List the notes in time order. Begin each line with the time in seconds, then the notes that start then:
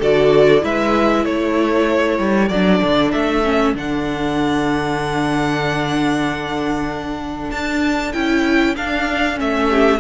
0.00 D3 F#4 A4 D5
0.61 G#3 E4 B4 E5
1.26 A3 A4 C#5
2.19 G3
2.49 F#3 D4 D5
2.83 D3
3.12 A3 E5
3.44 C#4
3.75 D3 D4 F#5
7.51 D4 A5
8.13 C#4 E4 G5
8.77 D4 F5
9.36 A3 C#4 E5
9.70 G4